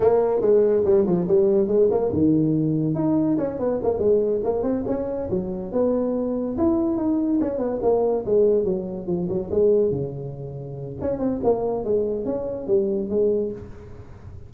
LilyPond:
\new Staff \with { instrumentName = "tuba" } { \time 4/4 \tempo 4 = 142 ais4 gis4 g8 f8 g4 | gis8 ais8 dis2 dis'4 | cis'8 b8 ais8 gis4 ais8 c'8 cis'8~ | cis'8 fis4 b2 e'8~ |
e'8 dis'4 cis'8 b8 ais4 gis8~ | gis8 fis4 f8 fis8 gis4 cis8~ | cis2 cis'8 c'8 ais4 | gis4 cis'4 g4 gis4 | }